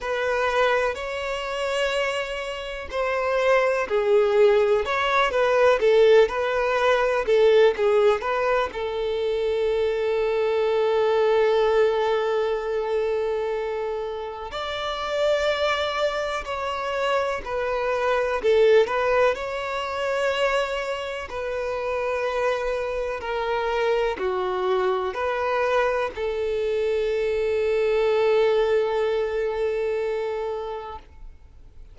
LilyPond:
\new Staff \with { instrumentName = "violin" } { \time 4/4 \tempo 4 = 62 b'4 cis''2 c''4 | gis'4 cis''8 b'8 a'8 b'4 a'8 | gis'8 b'8 a'2.~ | a'2. d''4~ |
d''4 cis''4 b'4 a'8 b'8 | cis''2 b'2 | ais'4 fis'4 b'4 a'4~ | a'1 | }